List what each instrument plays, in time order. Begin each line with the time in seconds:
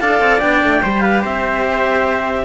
0.00 cello D4 A4, trumpet D5, clarinet F5
0.19 cello C4
0.39 cello B3 D4, clarinet G5
0.63 cello A3
0.82 cello G3 G4, trumpet C5
1.00 trumpet B4, clarinet F5
1.21 cello C4, trumpet C5, clarinet E5